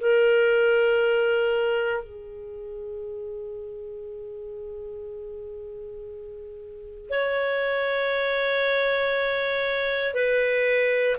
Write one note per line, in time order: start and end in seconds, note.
0.00 2.03 A#4
2.03 7.10 G#4
7.10 10.14 C#5
10.14 11.16 B4